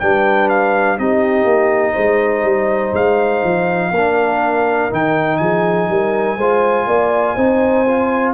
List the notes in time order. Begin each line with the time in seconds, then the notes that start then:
0.00 G3 D4 B4 G5
0.49 F5
0.98 C4 D#4 G4 D#5
1.45 A#3
1.93 G#3 C5
2.44 G3
2.93 G#3 F5
3.44 F3
3.91 A#3 D4 A#4
4.91 D#3 D#4 G5
5.37 F3 G#4 G#5
5.89 G3 A#4
6.37 G#3 F4 C5
6.87 A#3 D5
7.36 C4 D#4 C5
7.88 F4